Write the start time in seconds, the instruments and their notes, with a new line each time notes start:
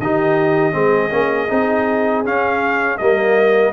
0.00 tuba D#3, trombone D#4, horn G4, trumpet D#5
0.73 tuba G#3, trombone C4, horn G#4
1.11 tuba A#3, trombone C#4
1.50 tuba C4, trombone D#4
2.25 trombone C#4, tuba C#4, trumpet F5
2.98 tuba G3, trombone A#3, horn A#4, trumpet D#5